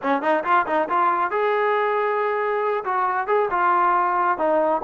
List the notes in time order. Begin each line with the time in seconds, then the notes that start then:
0.02 C#4
0.21 D#4
0.44 F4
0.66 D#4
0.89 F4
1.30 G#4
2.84 F#4
3.27 G#4
3.50 F4
4.38 D#4